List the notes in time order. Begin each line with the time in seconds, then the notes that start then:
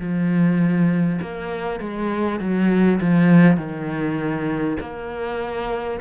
0.00 F3
1.22 A#3
1.80 G#3
2.39 F#3
3.01 F3
3.57 D#3
4.80 A#3